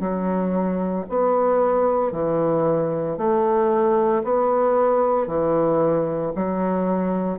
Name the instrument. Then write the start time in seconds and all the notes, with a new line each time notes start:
bassoon
0.00 F#3
1.10 B3
2.12 E3
3.18 A3
4.24 B3
5.27 E3
6.36 F#3